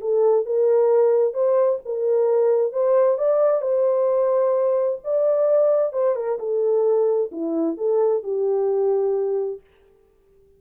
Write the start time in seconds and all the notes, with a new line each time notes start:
0.00 A4
0.45 A#4
1.33 C5
1.85 A#4
2.72 C5
3.18 D5
3.61 C5
5.04 D5
5.93 C5
6.15 A#4
6.39 A4
7.31 E4
7.77 A4
8.23 G4